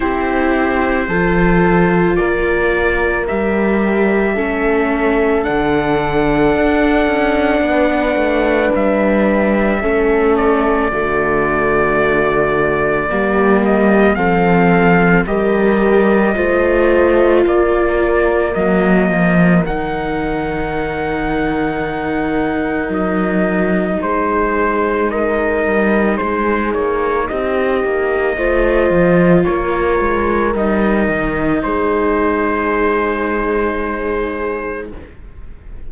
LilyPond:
<<
  \new Staff \with { instrumentName = "trumpet" } { \time 4/4 \tempo 4 = 55 c''2 d''4 e''4~ | e''4 fis''2. | e''4. d''2~ d''8~ | d''8 dis''8 f''4 dis''2 |
d''4 dis''4 fis''2~ | fis''4 dis''4 c''4 dis''4 | c''8 cis''8 dis''2 cis''4 | dis''4 c''2. | }
  \new Staff \with { instrumentName = "horn" } { \time 4/4 g'4 a'4 ais'2 | a'2. b'4~ | b'4 a'4 fis'2 | g'4 a'4 ais'4 c''4 |
ais'1~ | ais'2 gis'4 ais'4 | gis'4 g'4 c''4 ais'4~ | ais'4 gis'2. | }
  \new Staff \with { instrumentName = "viola" } { \time 4/4 e'4 f'2 g'4 | cis'4 d'2.~ | d'4 cis'4 a2 | ais4 c'4 g'4 f'4~ |
f'4 ais4 dis'2~ | dis'1~ | dis'2 f'2 | dis'1 | }
  \new Staff \with { instrumentName = "cello" } { \time 4/4 c'4 f4 ais4 g4 | a4 d4 d'8 cis'8 b8 a8 | g4 a4 d2 | g4 f4 g4 a4 |
ais4 fis8 f8 dis2~ | dis4 fis4 gis4. g8 | gis8 ais8 c'8 ais8 a8 f8 ais8 gis8 | g8 dis8 gis2. | }
>>